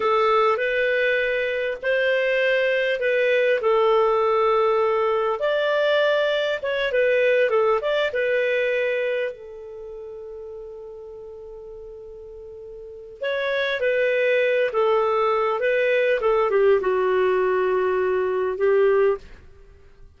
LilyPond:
\new Staff \with { instrumentName = "clarinet" } { \time 4/4 \tempo 4 = 100 a'4 b'2 c''4~ | c''4 b'4 a'2~ | a'4 d''2 cis''8 b'8~ | b'8 a'8 d''8 b'2 a'8~ |
a'1~ | a'2 cis''4 b'4~ | b'8 a'4. b'4 a'8 g'8 | fis'2. g'4 | }